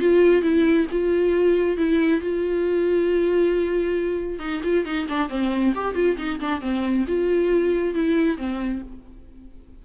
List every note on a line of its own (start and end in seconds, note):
0.00 0.42 F4
0.42 0.86 E4
0.91 1.77 F4
1.77 2.21 E4
2.21 4.39 F4
4.39 4.61 D#4
4.64 4.85 F4
4.85 5.07 D#4
5.08 5.29 D4
5.29 5.73 C4
5.75 5.95 G4
5.95 6.17 F4
6.18 6.40 D#4
6.40 6.61 D4
6.61 7.05 C4
7.08 7.94 F4
7.94 8.38 E4
8.38 8.82 C4